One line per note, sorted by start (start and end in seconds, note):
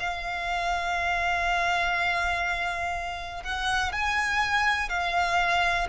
0.00 3.44 F5
3.44 3.93 F#5
3.93 4.89 G#5
4.89 5.87 F5